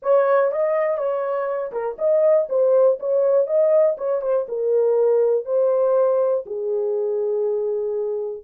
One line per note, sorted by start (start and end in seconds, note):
0.02 0.51 C#5
0.51 0.97 D#5
0.97 1.71 C#5
1.72 1.96 A#4
1.98 2.48 D#5
2.49 2.98 C5
2.99 3.46 C#5
3.46 3.96 D#5
3.97 4.21 C#5
4.21 4.46 C5
4.48 5.45 A#4
5.45 6.44 C5
6.46 8.43 G#4